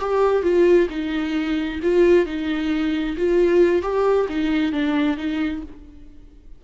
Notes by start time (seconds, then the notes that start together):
0.00 G4
0.43 F4
0.90 D#4
1.83 F4
2.26 D#4
3.17 F4
3.82 G4
4.29 D#4
4.72 D4
5.17 D#4